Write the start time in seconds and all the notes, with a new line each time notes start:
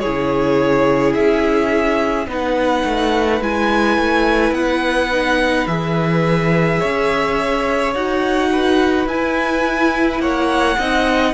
0.00 E4 G#4 C#5
0.07 C#3
1.14 C#4 E5
2.27 B3 D#4 B4 F#5
2.85 A3
3.42 G#3 E4 G#5
3.98 A3
4.52 B3 F#5
5.12 D#4
5.67 E3 G#4 E5
6.80 C#4 C#5
7.95 D#4 F#4 F#5
8.53 B4
9.07 E4 G#5
10.20 A#3 C#5 F#5
10.79 C4 D#4 D#5